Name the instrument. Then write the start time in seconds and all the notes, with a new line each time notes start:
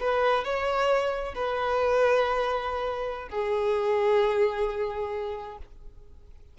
violin
0.00 B4
0.44 C#5
1.35 B4
3.29 G#4